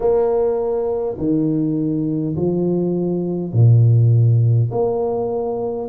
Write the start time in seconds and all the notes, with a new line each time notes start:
0.00 A#3
1.18 D#3
2.35 F3
3.52 A#2
4.71 A#3